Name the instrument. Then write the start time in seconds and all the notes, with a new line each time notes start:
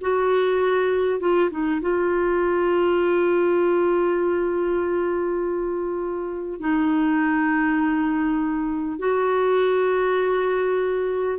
clarinet
0.00 F#4
1.20 F4
1.50 D#4
1.81 F4
6.60 D#4
8.98 F#4